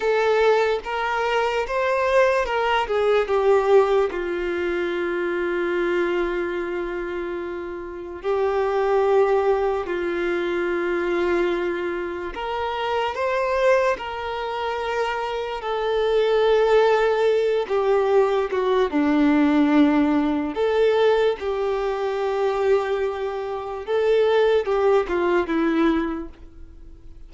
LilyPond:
\new Staff \with { instrumentName = "violin" } { \time 4/4 \tempo 4 = 73 a'4 ais'4 c''4 ais'8 gis'8 | g'4 f'2.~ | f'2 g'2 | f'2. ais'4 |
c''4 ais'2 a'4~ | a'4. g'4 fis'8 d'4~ | d'4 a'4 g'2~ | g'4 a'4 g'8 f'8 e'4 | }